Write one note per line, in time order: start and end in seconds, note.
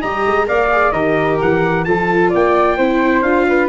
0.00 0.26 G3
0.00 0.46 G4
0.00 0.46 D#5
0.00 0.48 A#5
0.26 0.49 G#3
0.46 0.92 A#3
0.46 0.69 A#4
0.46 0.93 D5
0.46 0.92 F5
0.72 0.94 G#4
0.92 1.38 D#3
0.92 1.86 G4
0.92 1.86 A#4
0.92 1.38 D#5
1.41 1.87 E3
1.41 1.84 F#5
1.84 2.34 F3
1.84 2.78 F4
1.84 2.30 A4
1.84 2.30 A5
2.30 2.78 A#3
2.30 2.76 D5
2.30 3.22 G5
2.77 3.22 C4
2.77 3.24 E4
2.77 3.46 C5
3.22 3.69 D4
3.22 3.69 F4
3.22 3.68 F5
3.49 3.69 B4